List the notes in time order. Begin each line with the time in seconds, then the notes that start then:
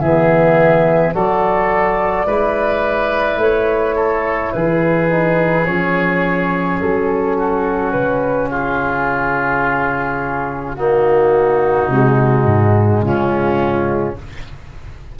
0.00 E3 B3 G#4 E5
1.14 F#3 F#4 A4 D5
2.25 G#3 E4 B4
3.37 A3 C#5
3.95 A4
4.53 E3 G#4 B4
5.09 D#4
5.65 F3 C#4 C#5
6.80 F#3 A4
7.37 F#4
7.91 C#3 B4
8.49 F4 G#4
10.74 A#3 D#4 F#4
11.89 C3 G#3
12.45 G#2
13.01 C#3 C#4 F4